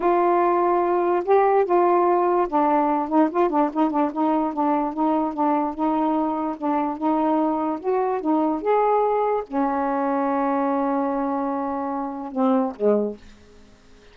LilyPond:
\new Staff \with { instrumentName = "saxophone" } { \time 4/4 \tempo 4 = 146 f'2. g'4 | f'2 d'4. dis'8 | f'8 d'8 dis'8 d'8 dis'4 d'4 | dis'4 d'4 dis'2 |
d'4 dis'2 fis'4 | dis'4 gis'2 cis'4~ | cis'1~ | cis'2 c'4 gis4 | }